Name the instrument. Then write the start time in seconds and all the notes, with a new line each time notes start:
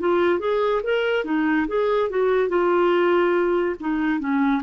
clarinet
0.00 F4
0.40 G#4
0.83 A#4
1.25 D#4
1.68 G#4
2.10 F#4
2.49 F4
3.80 D#4
4.20 C#4